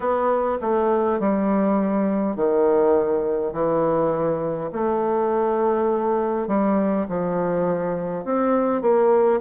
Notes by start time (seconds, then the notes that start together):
0.00 B3
0.61 A3
1.19 G3
2.36 D#3
3.52 E3
4.72 A3
6.47 G3
7.09 F3
8.24 C4
8.81 A#3